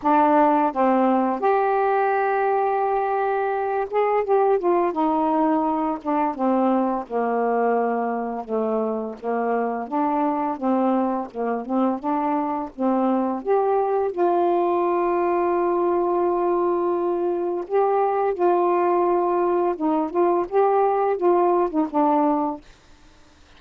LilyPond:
\new Staff \with { instrumentName = "saxophone" } { \time 4/4 \tempo 4 = 85 d'4 c'4 g'2~ | g'4. gis'8 g'8 f'8 dis'4~ | dis'8 d'8 c'4 ais2 | a4 ais4 d'4 c'4 |
ais8 c'8 d'4 c'4 g'4 | f'1~ | f'4 g'4 f'2 | dis'8 f'8 g'4 f'8. dis'16 d'4 | }